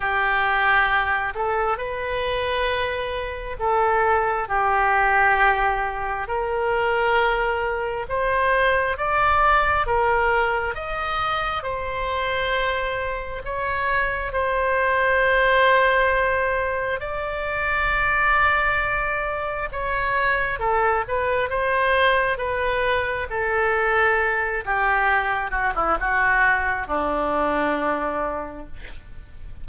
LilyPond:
\new Staff \with { instrumentName = "oboe" } { \time 4/4 \tempo 4 = 67 g'4. a'8 b'2 | a'4 g'2 ais'4~ | ais'4 c''4 d''4 ais'4 | dis''4 c''2 cis''4 |
c''2. d''4~ | d''2 cis''4 a'8 b'8 | c''4 b'4 a'4. g'8~ | g'8 fis'16 e'16 fis'4 d'2 | }